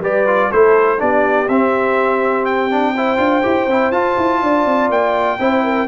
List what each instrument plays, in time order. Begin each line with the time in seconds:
0.00 tuba G3, trombone G4, horn B4, trumpet D5
0.26 trombone F4
0.49 tuba A3, trombone E4, horn A4, trumpet C5
0.98 tuba B3, trombone D4, horn G4, trumpet D5
1.48 tuba C4, trombone C4, trumpet E5
2.45 trumpet G5
2.70 trombone D4
2.94 trombone E4, horn C5
3.17 tuba D4, trombone F4
3.42 tuba E4, trombone G4
3.66 tuba C4, trombone E4
3.91 tuba F4, trombone F4, trumpet A5
4.17 tuba E4
4.41 tuba D4, horn D5
4.65 tuba C4
4.89 tuba A#3, trumpet G5
5.39 tuba C4, trombone E4, horn C5
5.64 horn A#4